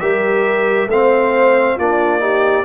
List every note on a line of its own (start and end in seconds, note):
0.00 0.87 G3
0.00 0.89 G4
0.00 0.90 A#4
0.00 0.88 E5
0.87 1.75 A3
0.87 1.79 C4
0.87 1.78 F5
0.93 1.77 C5
1.77 2.65 A#3
1.77 2.19 D4
1.77 2.21 F4
1.77 2.65 D5
2.19 2.64 D#4
2.19 2.65 G4